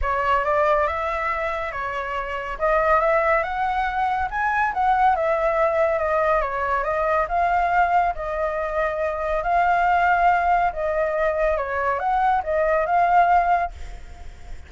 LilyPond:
\new Staff \with { instrumentName = "flute" } { \time 4/4 \tempo 4 = 140 cis''4 d''4 e''2 | cis''2 dis''4 e''4 | fis''2 gis''4 fis''4 | e''2 dis''4 cis''4 |
dis''4 f''2 dis''4~ | dis''2 f''2~ | f''4 dis''2 cis''4 | fis''4 dis''4 f''2 | }